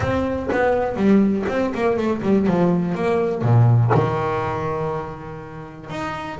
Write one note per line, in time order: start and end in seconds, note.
0.00 0.49 C4
0.52 0.96 B3
0.96 1.45 G3
1.48 1.73 C4
1.74 1.97 A#3
1.97 2.21 A3
2.22 2.46 G3
2.47 2.95 F3
2.95 3.42 A#3
3.42 3.91 A#2
3.94 5.90 D#3
5.90 6.39 D#4